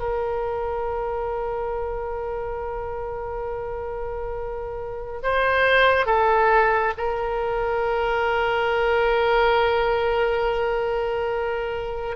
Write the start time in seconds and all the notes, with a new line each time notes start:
0.00 A#4
5.23 C5
6.06 A4
6.98 A#4